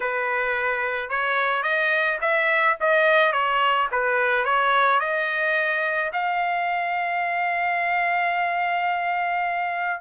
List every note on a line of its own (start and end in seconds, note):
0.00 1.09 B4
1.09 1.63 C#5
1.63 2.18 D#5
2.21 2.76 E5
2.80 3.32 D#5
3.32 3.88 C#5
3.91 4.44 B4
4.44 5.00 C#5
5.00 6.11 D#5
6.12 10.01 F5